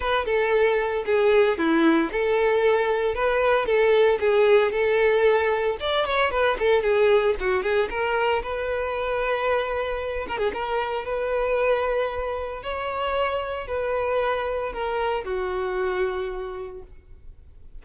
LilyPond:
\new Staff \with { instrumentName = "violin" } { \time 4/4 \tempo 4 = 114 b'8 a'4. gis'4 e'4 | a'2 b'4 a'4 | gis'4 a'2 d''8 cis''8 | b'8 a'8 gis'4 fis'8 gis'8 ais'4 |
b'2.~ b'8 ais'16 gis'16 | ais'4 b'2. | cis''2 b'2 | ais'4 fis'2. | }